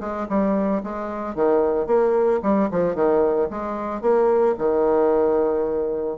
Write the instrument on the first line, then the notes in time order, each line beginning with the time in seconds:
bassoon
0.00 G#3
0.29 G3
0.83 G#3
1.35 D#3
1.87 A#3
2.43 G3
2.71 F3
2.95 D#3
3.50 G#3
4.02 A#3
4.58 D#3